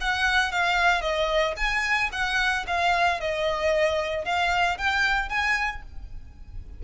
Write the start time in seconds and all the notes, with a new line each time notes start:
0.00 F#5
0.52 F5
1.01 D#5
1.56 G#5
2.12 F#5
2.67 F5
3.20 D#5
4.25 F5
4.77 G5
5.29 G#5